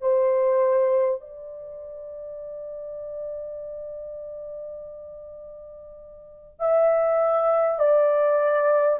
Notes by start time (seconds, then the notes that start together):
0.00 C5
1.20 D5
6.59 E5
7.79 D5